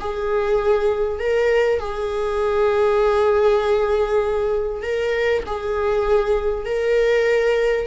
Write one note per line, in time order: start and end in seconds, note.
0.00 1.20 G#4
1.20 1.80 A#4
1.80 4.83 G#4
4.83 5.44 A#4
5.47 6.66 G#4
6.66 7.87 A#4